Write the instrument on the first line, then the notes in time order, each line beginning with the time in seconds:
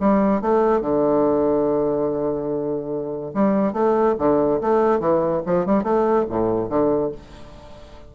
bassoon
0.00 G3
0.41 A3
0.81 D3
3.34 G3
3.73 A3
4.18 D3
4.61 A3
5.00 E3
5.46 F3
5.66 G3
5.83 A3
6.29 A2
6.69 D3